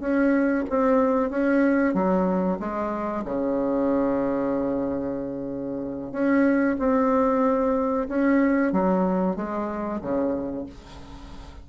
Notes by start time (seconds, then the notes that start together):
0.00 C#4
0.70 C4
1.30 C#4
1.94 F#3
2.60 G#3
3.25 C#3
6.12 C#4
6.79 C4
8.08 C#4
8.72 F#3
9.36 G#3
10.01 C#3